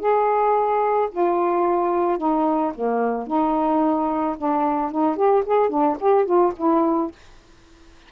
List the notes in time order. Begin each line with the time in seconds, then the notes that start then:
0.00 G#4
1.12 F4
2.18 D#4
2.75 A#3
3.27 D#4
4.37 D4
4.92 D#4
5.16 G4
5.45 G#4
5.70 D4
6.00 G4
6.26 F4
6.57 E4